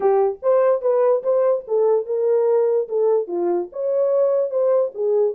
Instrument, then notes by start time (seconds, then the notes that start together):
horn
0.00 G4
0.42 C5
0.81 B4
1.23 C5
1.67 A4
2.05 A#4
2.88 A4
3.27 F4
3.72 C#5
4.50 C5
4.94 G#4